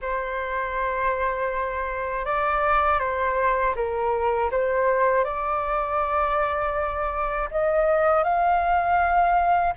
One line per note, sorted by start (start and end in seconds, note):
0.01 2.25 C5
2.25 2.99 D5
2.99 3.74 C5
3.75 4.50 A#4
4.51 5.24 C5
5.24 7.49 D5
7.50 8.23 D#5
8.23 9.73 F5